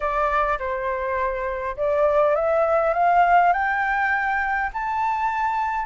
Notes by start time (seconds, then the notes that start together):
0.00 D5
0.58 C5
1.76 D5
2.35 E5
2.93 F5
3.52 G5
4.73 A5